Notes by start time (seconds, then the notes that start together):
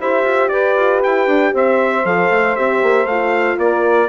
0.00 E4 G4 C5 E5
0.24 F4
0.49 G4 B4 D5
0.76 F4
1.03 E4 G5
1.27 D4
1.53 C4 C5 E5
2.05 F3 A4 F5
2.31 A3
2.56 C4 G4 E5
2.83 A#3
3.06 A3 F4 F5
3.58 A#3 A#4 D5